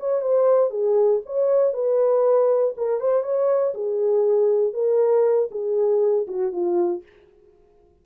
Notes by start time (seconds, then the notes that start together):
0.00 C#5
0.22 C5
0.71 G#4
1.26 C#5
1.74 B4
2.77 A#4
3.01 C5
3.23 C#5
3.74 G#4
4.74 A#4
5.52 G#4
6.28 F#4
6.53 F4